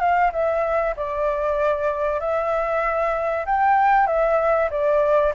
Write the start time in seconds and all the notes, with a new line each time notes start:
0.00 F5
0.32 E5
0.97 D5
2.20 E5
3.45 G5
4.07 E5
4.70 D5